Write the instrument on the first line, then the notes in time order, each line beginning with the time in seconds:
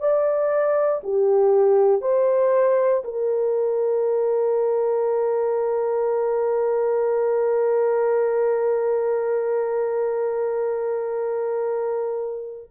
horn
0.00 D5
1.03 G4
2.02 C5
3.04 A#4